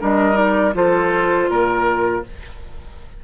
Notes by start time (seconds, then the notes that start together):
0.00 G3 D4 A#4 D#5
0.33 D#4 D5
0.74 F3 F4 A4 C5
1.49 A#2 A#4